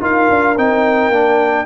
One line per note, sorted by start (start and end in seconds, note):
0.00 0.29 D#4
0.00 0.56 F4
0.00 1.65 A#4
0.00 0.58 F5
0.30 0.57 D4
0.57 1.09 C4
0.57 1.13 D#4
0.57 1.65 G5
1.09 1.65 A#3
1.09 1.65 D4